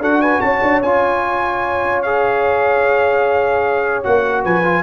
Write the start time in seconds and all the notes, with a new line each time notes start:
0.00 D4 F#4 A4 F#5
0.22 B4 G#5
0.41 C#4 C#5 A5
0.62 D4
0.82 C#4 F4 G#5
2.02 G#4 F5
4.04 A#3 F#4 F#5
4.43 F3 B4 G#5
4.64 F4